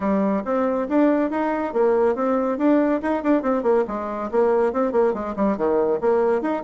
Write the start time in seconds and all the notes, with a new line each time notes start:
0.00 G3
0.44 C4
0.88 D4
1.30 D#4
1.73 A#3
2.15 C4
2.57 D4
3.02 D#4
3.23 D4
3.42 C4
3.63 A#3
3.87 G#3
4.31 A#3
4.72 C4
4.92 A#3
5.13 G#3
5.36 G3
5.57 D#3
6.01 A#3
6.41 D#4